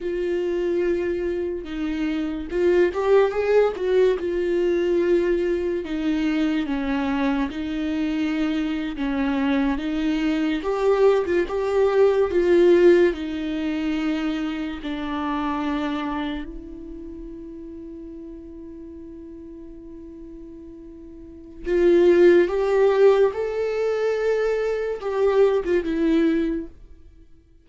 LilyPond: \new Staff \with { instrumentName = "viola" } { \time 4/4 \tempo 4 = 72 f'2 dis'4 f'8 g'8 | gis'8 fis'8 f'2 dis'4 | cis'4 dis'4.~ dis'16 cis'4 dis'16~ | dis'8. g'8. f'16 g'4 f'4 dis'16~ |
dis'4.~ dis'16 d'2 e'16~ | e'1~ | e'2 f'4 g'4 | a'2 g'8. f'16 e'4 | }